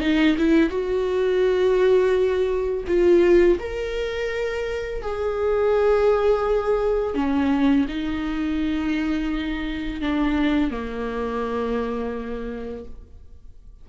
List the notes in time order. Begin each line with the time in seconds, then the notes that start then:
0.00 D#4
0.37 E4
0.69 F#4
2.87 F4
3.59 A#4
5.02 G#4
7.14 C#4
7.88 D#4
10.01 D4
10.70 A#3